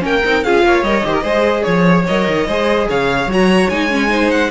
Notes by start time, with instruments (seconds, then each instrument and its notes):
0.00 cello A#3, viola C#4, violin A#4 G5
0.25 cello C4, viola D#4
0.44 cello C#4, viola F4, violin G#4 F5
0.64 cello A#3, violin C#5
0.83 cello G3, viola A#4, violin D#5
1.03 cello D#3, viola G4, violin C5
1.14 violin A#4
1.23 cello G#3, viola G#4, violin C5
1.63 cello F3, violin C#5
2.07 cello F#3, viola A#4, violin D#5
2.27 cello D#3
2.47 cello G#3, viola G#4, violin C5
2.89 cello C#3, violin C#5 F5
3.27 cello F#3, viola F#4, violin A#5
3.69 cello G#3, viola D#4, violin G#5
3.90 viola C#4
4.08 viola D#4, violin C5
4.31 violin F#5